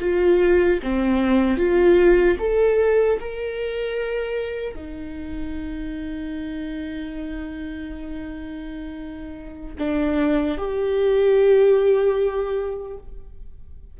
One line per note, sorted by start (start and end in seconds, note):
0.00 0.80 F4
0.83 1.57 C4
1.57 2.37 F4
2.39 3.19 A4
3.19 4.75 A#4
4.75 9.75 D#4
9.78 10.57 D4
10.57 12.97 G4